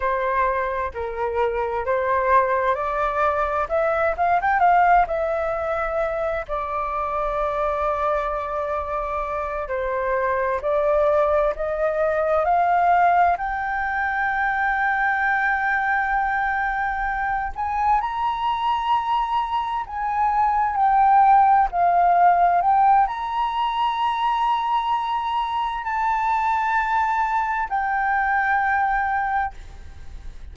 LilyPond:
\new Staff \with { instrumentName = "flute" } { \time 4/4 \tempo 4 = 65 c''4 ais'4 c''4 d''4 | e''8 f''16 g''16 f''8 e''4. d''4~ | d''2~ d''8 c''4 d''8~ | d''8 dis''4 f''4 g''4.~ |
g''2. gis''8 ais''8~ | ais''4. gis''4 g''4 f''8~ | f''8 g''8 ais''2. | a''2 g''2 | }